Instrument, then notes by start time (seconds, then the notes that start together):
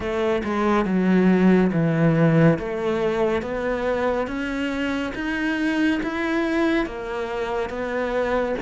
cello
0.00 A3
0.44 G#3
0.85 F#3
1.72 E3
2.58 A3
3.42 B3
4.27 C#4
5.14 D#4
6.02 E4
6.86 A#3
7.69 B3